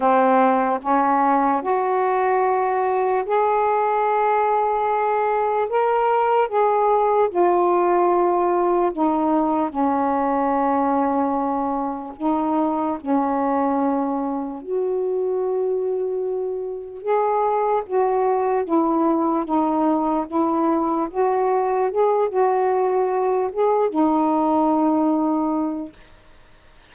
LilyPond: \new Staff \with { instrumentName = "saxophone" } { \time 4/4 \tempo 4 = 74 c'4 cis'4 fis'2 | gis'2. ais'4 | gis'4 f'2 dis'4 | cis'2. dis'4 |
cis'2 fis'2~ | fis'4 gis'4 fis'4 e'4 | dis'4 e'4 fis'4 gis'8 fis'8~ | fis'4 gis'8 dis'2~ dis'8 | }